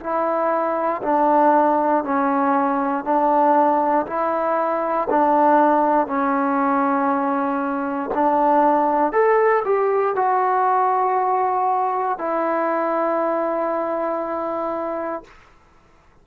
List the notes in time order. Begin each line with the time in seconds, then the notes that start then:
0.00 E4
1.02 D4
2.04 C#4
3.04 D4
4.06 E4
5.10 D4
6.06 C#4
8.14 D4
9.12 A4
9.65 G4
10.16 F#4
12.18 E4